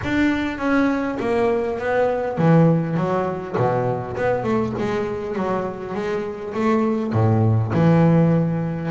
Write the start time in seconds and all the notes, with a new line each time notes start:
0.03 D4
0.58 C#4
1.19 A#3
1.78 B3
2.38 E3
2.96 F#3
3.56 B2
4.16 B3
4.43 A3
4.78 G#3
5.35 F#3
5.94 G#3
6.53 A3
7.12 A2
7.73 E3